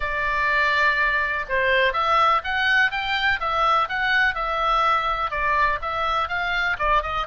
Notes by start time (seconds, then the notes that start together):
0.00 D5
1.48 C5
1.93 E5
2.43 F#5
2.91 G5
3.40 E5
3.88 F#5
4.34 E5
5.30 D5
5.81 E5
6.28 F5
6.79 D5
7.02 D#5